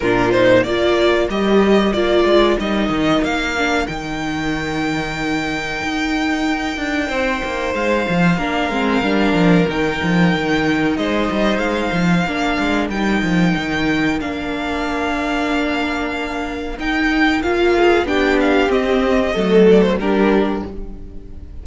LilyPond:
<<
  \new Staff \with { instrumentName = "violin" } { \time 4/4 \tempo 4 = 93 ais'8 c''8 d''4 dis''4 d''4 | dis''4 f''4 g''2~ | g''1 | f''2. g''4~ |
g''4 dis''4 f''2 | g''2 f''2~ | f''2 g''4 f''4 | g''8 f''8 dis''4. d''16 c''16 ais'4 | }
  \new Staff \with { instrumentName = "violin" } { \time 4/4 f'4 ais'2.~ | ais'1~ | ais'2. c''4~ | c''4 ais'2.~ |
ais'4 c''2 ais'4~ | ais'1~ | ais'2.~ ais'8 gis'8 | g'2 a'4 g'4 | }
  \new Staff \with { instrumentName = "viola" } { \time 4/4 d'8 dis'8 f'4 g'4 f'4 | dis'4. d'8 dis'2~ | dis'1~ | dis'4 d'8 c'8 d'4 dis'4~ |
dis'2. d'4 | dis'2 d'2~ | d'2 dis'4 f'4 | d'4 c'4 a4 d'4 | }
  \new Staff \with { instrumentName = "cello" } { \time 4/4 ais,4 ais4 g4 ais8 gis8 | g8 dis8 ais4 dis2~ | dis4 dis'4. d'8 c'8 ais8 | gis8 f8 ais8 gis8 g8 f8 dis8 f8 |
dis4 gis8 g8 gis8 f8 ais8 gis8 | g8 f8 dis4 ais2~ | ais2 dis'4 ais4 | b4 c'4 fis4 g4 | }
>>